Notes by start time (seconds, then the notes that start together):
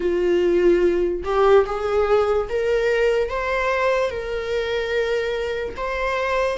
0.00 F4
1.24 G4
1.66 G#4
2.49 A#4
3.29 C5
4.10 A#4
5.76 C5